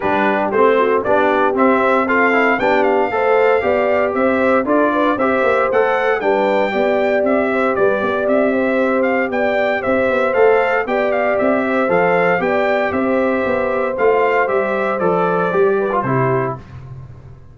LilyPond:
<<
  \new Staff \with { instrumentName = "trumpet" } { \time 4/4 \tempo 4 = 116 b'4 c''4 d''4 e''4 | f''4 g''8 f''2~ f''8 | e''4 d''4 e''4 fis''4 | g''2 e''4 d''4 |
e''4. f''8 g''4 e''4 | f''4 g''8 f''8 e''4 f''4 | g''4 e''2 f''4 | e''4 d''2 c''4 | }
  \new Staff \with { instrumentName = "horn" } { \time 4/4 g'4. fis'8 g'2 | a'4 g'4 c''4 d''4 | c''4 a'8 b'8 c''2 | b'4 d''4. c''8 b'8 d''8~ |
d''8 c''4. d''4 c''4~ | c''4 d''4. c''4. | d''4 c''2.~ | c''2~ c''8 b'8 g'4 | }
  \new Staff \with { instrumentName = "trombone" } { \time 4/4 d'4 c'4 d'4 c'4 | f'8 e'8 d'4 a'4 g'4~ | g'4 f'4 g'4 a'4 | d'4 g'2.~ |
g'1 | a'4 g'2 a'4 | g'2. f'4 | g'4 a'4 g'8. f'16 e'4 | }
  \new Staff \with { instrumentName = "tuba" } { \time 4/4 g4 a4 b4 c'4~ | c'4 b4 a4 b4 | c'4 d'4 c'8 ais8 a4 | g4 b4 c'4 g8 b8 |
c'2 b4 c'8 b8 | a4 b4 c'4 f4 | b4 c'4 b4 a4 | g4 f4 g4 c4 | }
>>